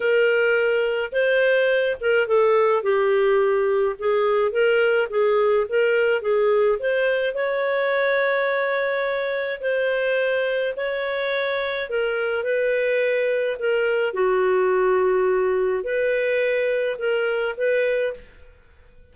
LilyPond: \new Staff \with { instrumentName = "clarinet" } { \time 4/4 \tempo 4 = 106 ais'2 c''4. ais'8 | a'4 g'2 gis'4 | ais'4 gis'4 ais'4 gis'4 | c''4 cis''2.~ |
cis''4 c''2 cis''4~ | cis''4 ais'4 b'2 | ais'4 fis'2. | b'2 ais'4 b'4 | }